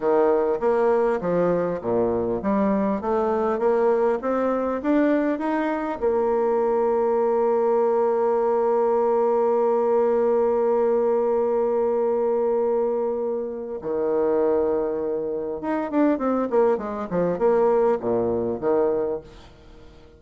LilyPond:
\new Staff \with { instrumentName = "bassoon" } { \time 4/4 \tempo 4 = 100 dis4 ais4 f4 ais,4 | g4 a4 ais4 c'4 | d'4 dis'4 ais2~ | ais1~ |
ais1~ | ais2. dis4~ | dis2 dis'8 d'8 c'8 ais8 | gis8 f8 ais4 ais,4 dis4 | }